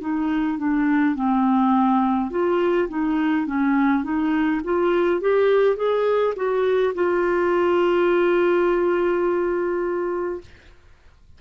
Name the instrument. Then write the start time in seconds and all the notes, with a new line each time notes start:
clarinet
0.00 D#4
0.58 D4
1.15 C4
2.30 F4
2.88 D#4
3.46 C#4
4.03 D#4
4.64 F4
5.20 G4
5.76 G#4
6.36 F#4
6.94 F4